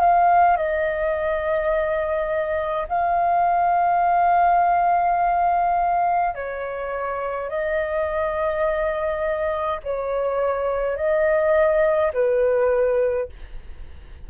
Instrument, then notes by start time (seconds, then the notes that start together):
flute
0.00 F5
0.56 D#5
2.88 F5
6.35 C#5
7.49 D#5
9.83 C#5
10.96 D#5
12.13 B4